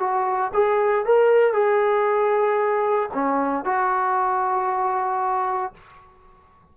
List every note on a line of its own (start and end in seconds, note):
0.00 0.52 F#4
0.54 1.06 G#4
1.06 1.54 A#4
1.54 3.10 G#4
3.14 3.65 C#4
3.65 5.74 F#4